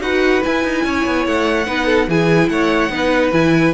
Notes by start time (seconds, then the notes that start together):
0.00 D#4 F#4 B4 F#5
0.42 E4 G#5
0.64 D#4
0.84 C#4 C#5
1.06 B3
1.27 A3 F#5
1.66 B3 D#4 B4
1.86 A4
2.08 E3 E4 G#4 G#5
2.49 A3 C#5 F#5
2.89 B3 D#4 B4
3.32 E3 E4 G#5